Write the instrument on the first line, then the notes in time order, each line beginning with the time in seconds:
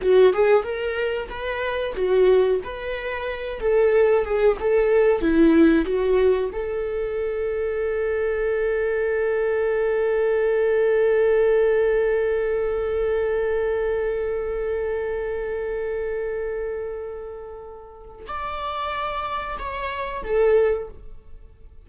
viola
0.01 F#4
0.33 G#4
0.63 A#4
1.28 B4
1.95 F#4
2.63 B4
3.60 A4
4.24 G#4
4.59 A4
5.21 E4
5.85 F#4
6.52 A4
18.27 D5
19.58 C#5
20.23 A4